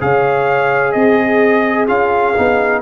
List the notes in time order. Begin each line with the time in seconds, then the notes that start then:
0.00 C#3 G#4 C#5 F5
0.92 C4 G#4 D#5
1.87 C#4 F4 F5
2.37 B3 D#4